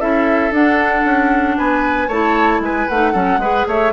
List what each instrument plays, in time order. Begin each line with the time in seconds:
0.00 bassoon C#4, clarinet E4, oboe A4, flute E5
0.51 bassoon D4, clarinet D4, flute F#5
1.05 bassoon C#4
1.58 bassoon B3, oboe B4, flute G#5
2.08 bassoon A3, clarinet E4, oboe C#5, flute A5
2.60 bassoon G#3, oboe B4, flute G#5
2.88 bassoon A3, clarinet D#4, flute F#5
3.13 bassoon F#3, clarinet C#4, oboe A4
3.38 bassoon G#3, clarinet G#4, oboe B4
3.67 bassoon A3, oboe C#5, flute E5